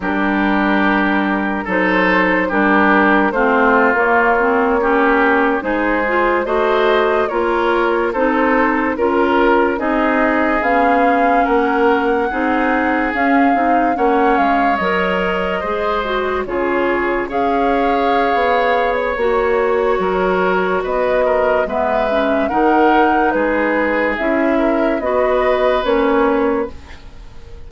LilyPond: <<
  \new Staff \with { instrumentName = "flute" } { \time 4/4 \tempo 4 = 72 ais'2 c''4 ais'4 | c''8. cis''2 c''4 dis''16~ | dis''8. cis''4 c''4 ais'4 dis''16~ | dis''8. f''4 fis''2 f''16~ |
f''8. fis''8 f''8 dis''2 cis''16~ | cis''8. f''2 cis''4~ cis''16~ | cis''4 dis''4 e''4 fis''4 | b'4 e''4 dis''4 cis''4 | }
  \new Staff \with { instrumentName = "oboe" } { \time 4/4 g'2 a'4 g'4 | f'4.~ f'16 g'4 gis'4 c''16~ | c''8. ais'4 a'4 ais'4 gis'16~ | gis'4.~ gis'16 ais'4 gis'4~ gis'16~ |
gis'8. cis''2 c''4 gis'16~ | gis'8. cis''2.~ cis''16 | ais'4 b'8 ais'8 b'4 ais'4 | gis'4. ais'8 b'2 | }
  \new Staff \with { instrumentName = "clarinet" } { \time 4/4 d'2 dis'4 d'4 | c'8. ais8 c'8 cis'4 dis'8 f'8 fis'16~ | fis'8. f'4 dis'4 f'4 dis'16~ | dis'8. cis'2 dis'4 cis'16~ |
cis'16 dis'8 cis'4 ais'4 gis'8 fis'8 f'16~ | f'8. gis'2~ gis'16 fis'4~ | fis'2 b8 cis'8 dis'4~ | dis'4 e'4 fis'4 cis'4 | }
  \new Staff \with { instrumentName = "bassoon" } { \time 4/4 g2 fis4 g4 | a8. ais2 gis4 a16~ | a8. ais4 c'4 cis'4 c'16~ | c'8. b4 ais4 c'4 cis'16~ |
cis'16 c'8 ais8 gis8 fis4 gis4 cis16~ | cis8. cis'4~ cis'16 b4 ais4 | fis4 b4 gis4 dis4 | gis4 cis'4 b4 ais4 | }
>>